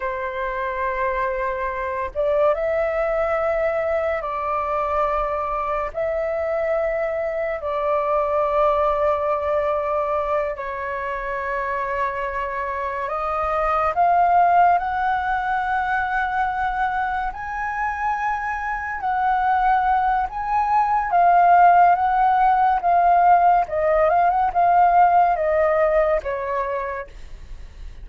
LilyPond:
\new Staff \with { instrumentName = "flute" } { \time 4/4 \tempo 4 = 71 c''2~ c''8 d''8 e''4~ | e''4 d''2 e''4~ | e''4 d''2.~ | d''8 cis''2. dis''8~ |
dis''8 f''4 fis''2~ fis''8~ | fis''8 gis''2 fis''4. | gis''4 f''4 fis''4 f''4 | dis''8 f''16 fis''16 f''4 dis''4 cis''4 | }